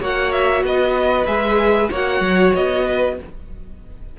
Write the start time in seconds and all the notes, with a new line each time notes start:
0.00 A#3 F#4 C#5 F#5
0.32 E5
0.63 B3 B4 D#5
1.26 G#3 G#4 E5
1.90 A#3 F#4 C#5 F#5
2.20 F#3
2.55 B3 D#5
2.84 B4